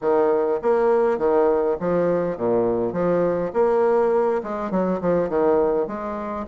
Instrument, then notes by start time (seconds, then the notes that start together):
bassoon
0.01 D#3
0.61 A#3
1.18 D#3
1.80 F3
2.37 A#2
2.92 F3
3.53 A#3
4.43 G#3
4.70 F#3
5.00 F3
5.29 D#3
5.87 G#3